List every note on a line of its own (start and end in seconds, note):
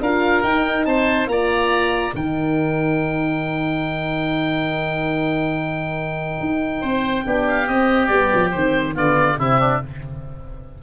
0.00 0.43 D4
0.00 0.46 F4
0.00 0.87 A#4
0.00 0.42 F5
0.42 0.85 D#4
0.42 1.28 D#4
0.42 0.85 G5
0.85 1.26 C4
0.85 1.30 C5
0.85 1.27 A5
1.26 2.12 A#3
1.26 2.13 F4
1.26 2.15 D5
1.26 2.14 A#5
2.14 6.39 D#3
2.14 7.24 D#4
2.14 6.80 A#4
2.14 7.47 G5
6.40 6.82 D#4
6.80 7.25 C4
6.80 7.23 C5
7.24 7.68 B3
7.24 7.67 D4
7.24 8.94 G4
7.48 7.67 F5
7.67 8.08 C4
7.67 8.09 C4
7.67 8.07 D#5
8.07 8.30 G3
8.07 8.51 B3
8.07 8.49 D5
8.33 8.54 F3
8.51 8.96 D#3
8.51 8.93 C4
8.51 8.94 C5
8.93 9.38 D3
8.93 9.36 B3
8.93 9.37 F4
8.93 9.40 D5
9.38 9.80 C3
9.38 9.82 C4
9.38 9.59 E4
9.38 9.82 E5
9.59 9.81 D4